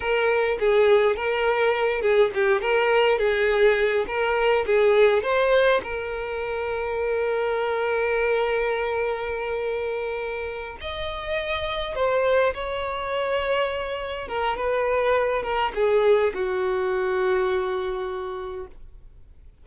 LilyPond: \new Staff \with { instrumentName = "violin" } { \time 4/4 \tempo 4 = 103 ais'4 gis'4 ais'4. gis'8 | g'8 ais'4 gis'4. ais'4 | gis'4 c''4 ais'2~ | ais'1~ |
ais'2~ ais'8 dis''4.~ | dis''8 c''4 cis''2~ cis''8~ | cis''8 ais'8 b'4. ais'8 gis'4 | fis'1 | }